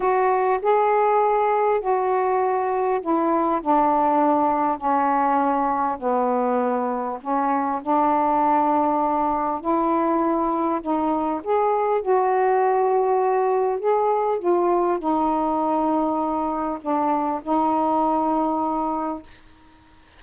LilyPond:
\new Staff \with { instrumentName = "saxophone" } { \time 4/4 \tempo 4 = 100 fis'4 gis'2 fis'4~ | fis'4 e'4 d'2 | cis'2 b2 | cis'4 d'2. |
e'2 dis'4 gis'4 | fis'2. gis'4 | f'4 dis'2. | d'4 dis'2. | }